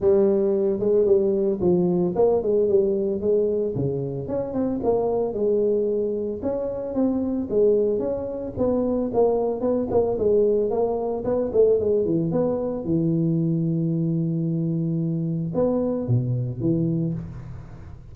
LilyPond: \new Staff \with { instrumentName = "tuba" } { \time 4/4 \tempo 4 = 112 g4. gis8 g4 f4 | ais8 gis8 g4 gis4 cis4 | cis'8 c'8 ais4 gis2 | cis'4 c'4 gis4 cis'4 |
b4 ais4 b8 ais8 gis4 | ais4 b8 a8 gis8 e8 b4 | e1~ | e4 b4 b,4 e4 | }